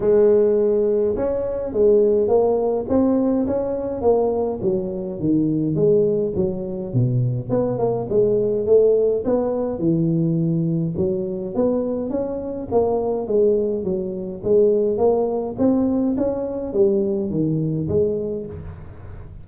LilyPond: \new Staff \with { instrumentName = "tuba" } { \time 4/4 \tempo 4 = 104 gis2 cis'4 gis4 | ais4 c'4 cis'4 ais4 | fis4 dis4 gis4 fis4 | b,4 b8 ais8 gis4 a4 |
b4 e2 fis4 | b4 cis'4 ais4 gis4 | fis4 gis4 ais4 c'4 | cis'4 g4 dis4 gis4 | }